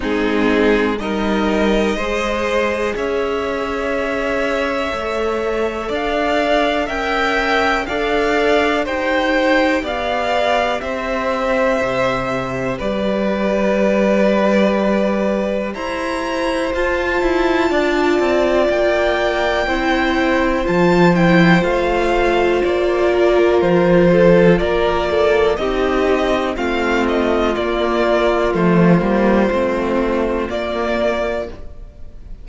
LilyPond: <<
  \new Staff \with { instrumentName = "violin" } { \time 4/4 \tempo 4 = 61 gis'4 dis''2 e''4~ | e''2 f''4 g''4 | f''4 g''4 f''4 e''4~ | e''4 d''2. |
ais''4 a''2 g''4~ | g''4 a''8 g''8 f''4 d''4 | c''4 d''4 dis''4 f''8 dis''8 | d''4 c''2 d''4 | }
  \new Staff \with { instrumentName = "violin" } { \time 4/4 dis'4 ais'4 c''4 cis''4~ | cis''2 d''4 e''4 | d''4 c''4 d''4 c''4~ | c''4 b'2. |
c''2 d''2 | c''2.~ c''8 ais'8~ | ais'8 a'8 ais'8 a'8 g'4 f'4~ | f'1 | }
  \new Staff \with { instrumentName = "viola" } { \time 4/4 c'4 dis'4 gis'2~ | gis'4 a'2 ais'4 | a'4 g'2.~ | g'1~ |
g'4 f'2. | e'4 f'8 e'8 f'2~ | f'2 dis'4 c'4 | ais4 a8 ais8 c'4 ais4 | }
  \new Staff \with { instrumentName = "cello" } { \time 4/4 gis4 g4 gis4 cis'4~ | cis'4 a4 d'4 cis'4 | d'4 dis'4 b4 c'4 | c4 g2. |
e'4 f'8 e'8 d'8 c'8 ais4 | c'4 f4 a4 ais4 | f4 ais4 c'4 a4 | ais4 f8 g8 a4 ais4 | }
>>